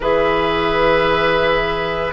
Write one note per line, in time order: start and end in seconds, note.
0.00 2.12 E3
0.00 2.12 G#4
0.00 2.12 B4
0.00 2.12 E5